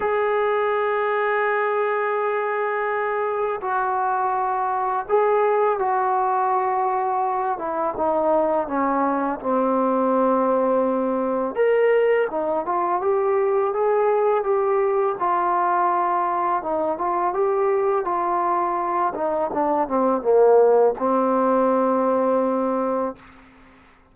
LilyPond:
\new Staff \with { instrumentName = "trombone" } { \time 4/4 \tempo 4 = 83 gis'1~ | gis'4 fis'2 gis'4 | fis'2~ fis'8 e'8 dis'4 | cis'4 c'2. |
ais'4 dis'8 f'8 g'4 gis'4 | g'4 f'2 dis'8 f'8 | g'4 f'4. dis'8 d'8 c'8 | ais4 c'2. | }